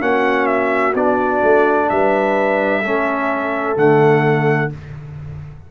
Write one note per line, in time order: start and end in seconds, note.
0.00 0.95 A#3
0.00 0.94 C#4
0.00 1.89 F#4
0.00 0.47 F#5
0.47 0.94 E5
0.95 1.42 B3
0.95 2.84 D4
0.95 1.89 D5
1.43 1.90 A3
1.89 2.85 G3
1.89 2.82 B4
1.89 3.77 E5
2.82 3.77 A3
2.82 3.76 C#4
2.82 4.70 A4
3.76 4.71 D3
3.76 4.70 A3
3.76 4.72 F#5